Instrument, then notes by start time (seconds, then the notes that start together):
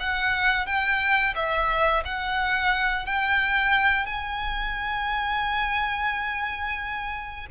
violin
0.00 F#5
0.66 G5
1.35 E5
2.05 F#5
3.06 G5
4.06 G#5